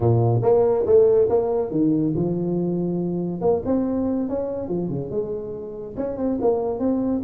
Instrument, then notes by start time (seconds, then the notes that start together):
tuba
0.00 A#2
0.42 A#3
0.85 A3
1.29 A#3
1.71 D#3
2.15 F3
3.41 A#3
3.65 C4
4.28 C#4
4.68 F3
4.89 C#3
5.10 G#3
5.97 C#4
6.17 C4
6.41 A#3
6.79 C4